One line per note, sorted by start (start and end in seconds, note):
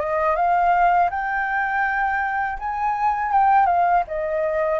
0.00 0.36 D#5
0.36 1.10 F5
1.10 2.59 G5
2.59 3.32 G#5
3.32 3.66 G5
3.66 4.03 F5
4.07 4.79 D#5